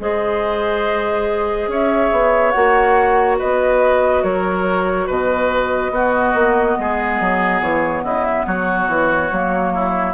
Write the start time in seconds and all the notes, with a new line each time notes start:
0.00 G#3 G#4 C5 D#5
1.68 C#4 C#5 E5
2.12 B3
2.51 A#3 F#4 F#5
3.38 B3 B4 D#5
4.23 F#3 A#4 C#5
5.07 B2 B4 D#5
5.90 B3 F#4
6.34 A#3
6.79 G#3 G#4
7.20 F#3
7.61 E3 C#5
8.03 C#3 E4 D#5
8.25 E5
8.46 F#3 F#4 C#5
8.88 E3
9.30 F#3 A#3
9.74 E4